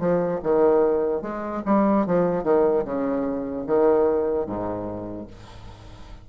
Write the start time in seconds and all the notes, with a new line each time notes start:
0.00 F3
0.43 D#3
1.22 G#3
1.66 G3
2.07 F3
2.44 D#3
2.85 C#3
3.67 D#3
4.47 G#2